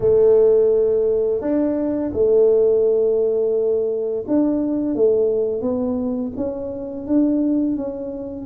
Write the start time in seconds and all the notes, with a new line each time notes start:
0.00 A3
1.41 D4
2.13 A3
4.27 D4
4.95 A3
5.61 B3
6.36 C#4
7.06 D4
7.76 C#4